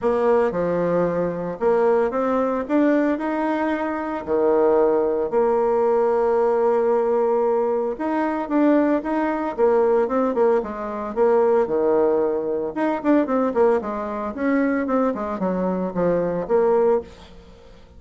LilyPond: \new Staff \with { instrumentName = "bassoon" } { \time 4/4 \tempo 4 = 113 ais4 f2 ais4 | c'4 d'4 dis'2 | dis2 ais2~ | ais2. dis'4 |
d'4 dis'4 ais4 c'8 ais8 | gis4 ais4 dis2 | dis'8 d'8 c'8 ais8 gis4 cis'4 | c'8 gis8 fis4 f4 ais4 | }